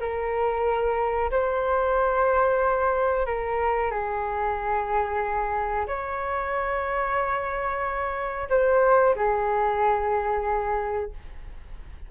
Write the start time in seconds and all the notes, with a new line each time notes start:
0.00 A#4
1.31 C5
3.26 A#4
3.91 G#4
5.87 C#5
8.50 C5
9.16 G#4